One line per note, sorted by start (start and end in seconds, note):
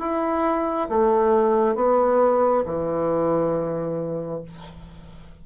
0.00 0.88 E4
0.89 1.76 A3
1.76 2.64 B3
2.66 4.42 E3